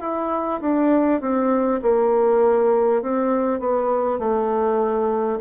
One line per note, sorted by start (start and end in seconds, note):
0.00 0.60 E4
0.61 1.21 D4
1.21 1.81 C4
1.82 3.02 A#3
3.02 3.59 C4
3.59 4.18 B3
4.18 5.38 A3